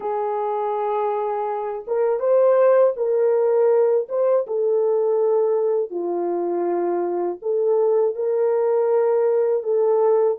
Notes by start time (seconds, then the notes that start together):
0.00 G#4
1.87 A#4
2.19 C5
2.96 A#4
4.08 C5
4.46 A4
5.90 F4
7.41 A4
8.15 A#4
9.63 A4